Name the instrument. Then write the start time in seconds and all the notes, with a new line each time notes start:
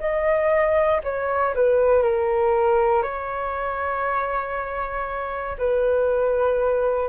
flute
0.00 D#5
1.04 C#5
1.55 B4
2.03 A#4
3.03 C#5
5.58 B4